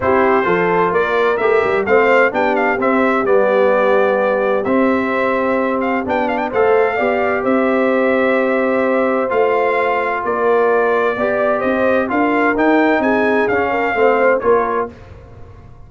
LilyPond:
<<
  \new Staff \with { instrumentName = "trumpet" } { \time 4/4 \tempo 4 = 129 c''2 d''4 e''4 | f''4 g''8 f''8 e''4 d''4~ | d''2 e''2~ | e''8 f''8 g''8 f''16 g''16 f''2 |
e''1 | f''2 d''2~ | d''4 dis''4 f''4 g''4 | gis''4 f''2 cis''4 | }
  \new Staff \with { instrumentName = "horn" } { \time 4/4 g'4 a'4 ais'2 | c''4 g'2.~ | g'1~ | g'2 c''4 d''4 |
c''1~ | c''2 ais'2 | d''4 c''4 ais'2 | gis'4. ais'8 c''4 ais'4 | }
  \new Staff \with { instrumentName = "trombone" } { \time 4/4 e'4 f'2 g'4 | c'4 d'4 c'4 b4~ | b2 c'2~ | c'4 d'4 a'4 g'4~ |
g'1 | f'1 | g'2 f'4 dis'4~ | dis'4 cis'4 c'4 f'4 | }
  \new Staff \with { instrumentName = "tuba" } { \time 4/4 c'4 f4 ais4 a8 g8 | a4 b4 c'4 g4~ | g2 c'2~ | c'4 b4 a4 b4 |
c'1 | a2 ais2 | b4 c'4 d'4 dis'4 | c'4 cis'4 a4 ais4 | }
>>